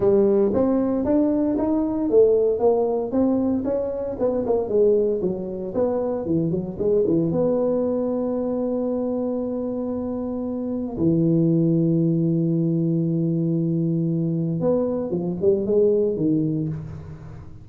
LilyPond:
\new Staff \with { instrumentName = "tuba" } { \time 4/4 \tempo 4 = 115 g4 c'4 d'4 dis'4 | a4 ais4 c'4 cis'4 | b8 ais8 gis4 fis4 b4 | e8 fis8 gis8 e8 b2~ |
b1~ | b4 e2.~ | e1 | b4 f8 g8 gis4 dis4 | }